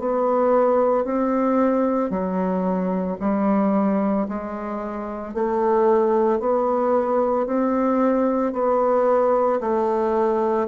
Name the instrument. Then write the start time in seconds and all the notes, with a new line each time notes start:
bassoon
0.00 B3
1.05 C4
2.10 F#3
3.20 G3
4.29 G#3
5.34 A3
6.40 B3
7.47 C4
8.53 B3
9.61 A3